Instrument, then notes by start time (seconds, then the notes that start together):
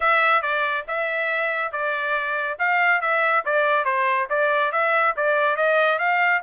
trumpet
0.00 E5
0.42 D5
0.87 E5
1.71 D5
2.58 F5
3.01 E5
3.45 D5
3.85 C5
4.29 D5
4.71 E5
5.16 D5
5.56 D#5
5.98 F5